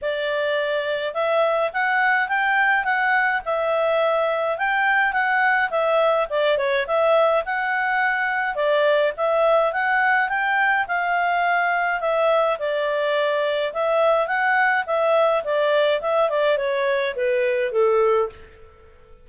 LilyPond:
\new Staff \with { instrumentName = "clarinet" } { \time 4/4 \tempo 4 = 105 d''2 e''4 fis''4 | g''4 fis''4 e''2 | g''4 fis''4 e''4 d''8 cis''8 | e''4 fis''2 d''4 |
e''4 fis''4 g''4 f''4~ | f''4 e''4 d''2 | e''4 fis''4 e''4 d''4 | e''8 d''8 cis''4 b'4 a'4 | }